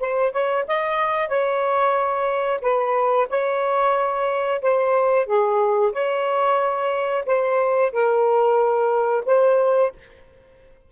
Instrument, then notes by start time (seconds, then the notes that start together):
saxophone
0.00 C5
0.32 C#5
0.68 D#5
1.28 C#5
2.62 B4
3.30 C#5
4.62 C5
5.26 G#4
5.93 C#5
7.26 C5
7.92 A#4
9.26 C5